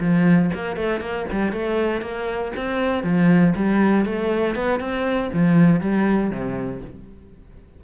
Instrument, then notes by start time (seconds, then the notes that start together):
cello
0.00 F3
0.54 A#3
0.76 A3
1.01 A#3
1.31 G3
1.52 A3
2.01 A#3
2.56 C4
3.03 F3
3.55 G3
4.05 A3
4.55 B3
4.80 C4
5.33 F3
5.81 G3
6.30 C3